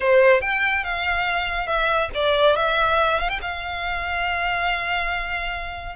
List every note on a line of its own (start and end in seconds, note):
0.00 0.41 C5
0.41 0.83 G5
0.84 1.67 F5
1.67 2.09 E5
2.14 2.56 D5
2.56 3.19 E5
3.19 3.29 F5
3.29 3.39 G5
3.41 5.95 F5